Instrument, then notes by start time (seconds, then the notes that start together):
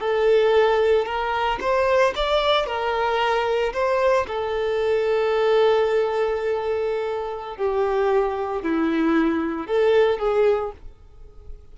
violin
0.00 A4
1.05 A#4
1.60 C5
2.15 D5
2.66 A#4
3.73 C5
4.27 A4
7.56 G4
8.62 E4
9.66 A4
10.19 G#4